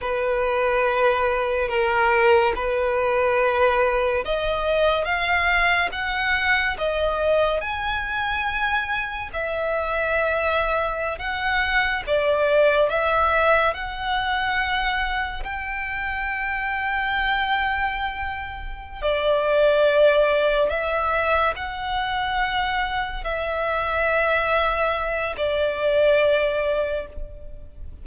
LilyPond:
\new Staff \with { instrumentName = "violin" } { \time 4/4 \tempo 4 = 71 b'2 ais'4 b'4~ | b'4 dis''4 f''4 fis''4 | dis''4 gis''2 e''4~ | e''4~ e''16 fis''4 d''4 e''8.~ |
e''16 fis''2 g''4.~ g''16~ | g''2~ g''8 d''4.~ | d''8 e''4 fis''2 e''8~ | e''2 d''2 | }